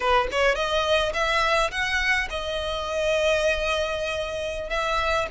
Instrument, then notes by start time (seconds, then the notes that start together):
violin
0.00 B4
0.31 C#5
0.55 D#5
1.13 E5
1.71 F#5
2.30 D#5
4.69 E5